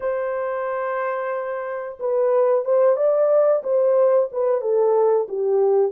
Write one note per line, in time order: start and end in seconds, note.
0.00 1.98 C5
1.99 2.65 B4
2.65 2.96 C5
2.96 3.62 D5
3.63 4.29 C5
4.32 4.61 B4
4.61 5.27 A4
5.28 5.92 G4